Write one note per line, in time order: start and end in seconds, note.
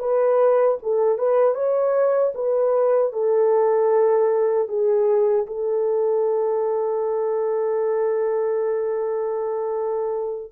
0.00 0.78 B4
0.83 1.19 A4
1.19 1.55 B4
1.55 2.33 C#5
2.35 3.13 B4
3.13 4.69 A4
4.69 5.47 G#4
5.47 10.53 A4